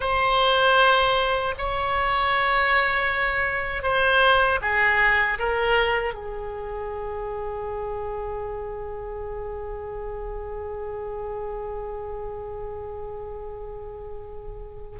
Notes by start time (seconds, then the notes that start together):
0.00 C5
1.58 C#5
3.83 C5
4.61 G#4
5.38 A#4
6.14 G#4